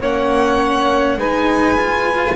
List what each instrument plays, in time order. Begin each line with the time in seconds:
0.00 double bass A#3, cello C#4, saxophone C#5, violin F#5
1.17 double bass G#3, cello D#4, saxophone B4, violin G#5
1.77 cello F4